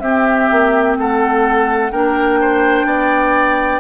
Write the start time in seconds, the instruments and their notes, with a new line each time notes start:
0.00 bassoon C4, clarinet C4, oboe G4, flute E5
0.51 bassoon A#3
0.97 bassoon A3, oboe A4, flute F#5
1.91 bassoon A#3, clarinet D4, oboe A#4, flute G5
2.41 oboe C5
2.85 bassoon B3, oboe D5